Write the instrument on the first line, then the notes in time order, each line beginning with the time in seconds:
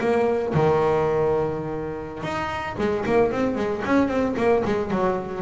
double bass
0.00 A#3
0.54 D#3
2.23 D#4
2.78 G#3
3.05 A#3
3.31 C4
3.55 G#3
3.85 C#4
4.08 C4
4.36 A#3
4.64 G#3
4.90 F#3